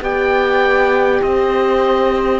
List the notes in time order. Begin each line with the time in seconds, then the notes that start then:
0.00 B3 G4 D5 G5
1.22 C4 C5 D#5